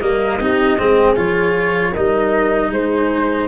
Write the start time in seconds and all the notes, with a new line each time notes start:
0.00 G3 A#3 A#4 D#5
0.39 C4 D#4 G4
0.78 G#3 C4 G#4
1.16 F3 F4 C#5
1.91 G3 D#4 A#4 D#5
2.71 G#3 G#4 C5